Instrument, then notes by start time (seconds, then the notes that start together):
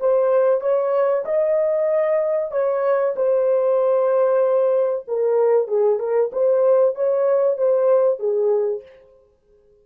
horn
0.00 C5
0.61 C#5
1.25 D#5
2.51 C#5
3.16 C5
5.08 A#4
5.68 G#4
5.99 A#4
6.32 C5
6.95 C#5
7.58 C5
8.19 G#4